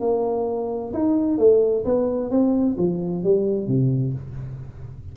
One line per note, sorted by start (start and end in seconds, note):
0.00 0.92 A#3
0.93 1.38 D#4
1.38 1.84 A3
1.85 2.30 B3
2.30 2.77 C4
2.78 3.24 F3
3.24 3.67 G3
3.67 4.13 C3